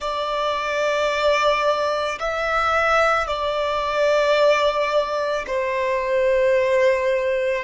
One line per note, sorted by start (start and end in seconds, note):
0.00 2.18 D5
2.19 3.27 E5
3.27 5.45 D5
5.46 7.64 C5